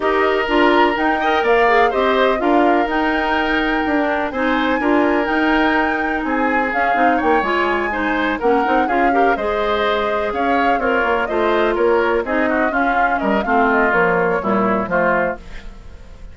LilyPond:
<<
  \new Staff \with { instrumentName = "flute" } { \time 4/4 \tempo 4 = 125 dis''4 ais''4 g''4 f''4 | dis''4 f''4 g''2~ | g''4 gis''2 g''4~ | g''4 gis''4 f''4 g''8 gis''8~ |
gis''4. fis''4 f''4 dis''8~ | dis''4. f''4 cis''4 dis''8~ | dis''8 cis''4 dis''4 f''4 dis''8 | f''8 dis''8 cis''2 c''4 | }
  \new Staff \with { instrumentName = "oboe" } { \time 4/4 ais'2~ ais'8 dis''8 d''4 | c''4 ais'2.~ | ais'4 c''4 ais'2~ | ais'4 gis'2 cis''4~ |
cis''8 c''4 ais'4 gis'8 ais'8 c''8~ | c''4. cis''4 f'4 c''8~ | c''8 ais'4 gis'8 fis'8 f'4 ais'8 | f'2 e'4 f'4 | }
  \new Staff \with { instrumentName = "clarinet" } { \time 4/4 g'4 f'4 dis'8 ais'4 gis'8 | g'4 f'4 dis'2~ | dis'16 d'8. dis'4 f'4 dis'4~ | dis'2 cis'8 dis'4 f'8~ |
f'8 dis'4 cis'8 dis'8 f'8 g'8 gis'8~ | gis'2~ gis'8 ais'4 f'8~ | f'4. dis'4 cis'4. | c'4 f4 g4 a4 | }
  \new Staff \with { instrumentName = "bassoon" } { \time 4/4 dis'4 d'4 dis'4 ais4 | c'4 d'4 dis'2 | d'4 c'4 d'4 dis'4~ | dis'4 c'4 cis'8 c'8 ais8 gis8~ |
gis4. ais8 c'8 cis'4 gis8~ | gis4. cis'4 c'8 ais8 a8~ | a8 ais4 c'4 cis'4 g8 | a4 ais4 ais,4 f4 | }
>>